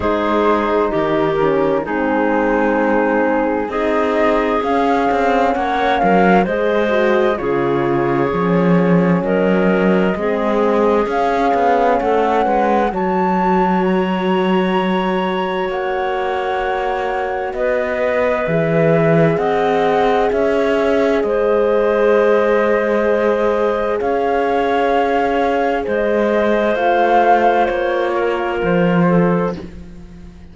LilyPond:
<<
  \new Staff \with { instrumentName = "flute" } { \time 4/4 \tempo 4 = 65 c''4 ais'4 gis'2 | dis''4 f''4 fis''8 f''8 dis''4 | cis''2 dis''2 | f''4 fis''4 a''4 ais''4~ |
ais''4 fis''2 dis''4 | e''4 fis''4 e''4 dis''4~ | dis''2 f''2 | dis''4 f''4 cis''4 c''4 | }
  \new Staff \with { instrumentName = "clarinet" } { \time 4/4 gis'4 g'4 dis'2 | gis'2 cis''8 ais'8 c''4 | gis'2 ais'4 gis'4~ | gis'4 a'8 b'8 cis''2~ |
cis''2. b'4~ | b'4 dis''4 cis''4 c''4~ | c''2 cis''2 | c''2~ c''8 ais'4 a'8 | }
  \new Staff \with { instrumentName = "horn" } { \time 4/4 dis'4. cis'8 c'2 | dis'4 cis'2 gis'8 fis'8 | f'4 cis'2 c'4 | cis'2 fis'2~ |
fis'1 | gis'1~ | gis'1~ | gis'4 f'2. | }
  \new Staff \with { instrumentName = "cello" } { \time 4/4 gis4 dis4 gis2 | c'4 cis'8 c'8 ais8 fis8 gis4 | cis4 f4 fis4 gis4 | cis'8 b8 a8 gis8 fis2~ |
fis4 ais2 b4 | e4 c'4 cis'4 gis4~ | gis2 cis'2 | gis4 a4 ais4 f4 | }
>>